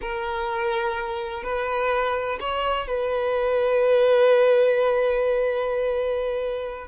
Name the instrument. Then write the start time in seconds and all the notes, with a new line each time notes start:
violin
0.01 A#4
1.43 B4
2.39 C#5
2.87 B4